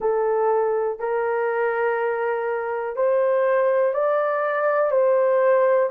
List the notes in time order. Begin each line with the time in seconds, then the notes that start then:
0.00 A4
0.99 A#4
2.96 C5
3.93 D5
4.91 C5